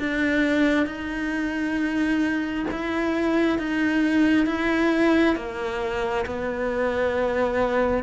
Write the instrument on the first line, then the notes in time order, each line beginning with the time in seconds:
cello
0.00 D4
0.87 D#4
2.71 E4
3.59 D#4
4.47 E4
5.36 A#3
6.26 B3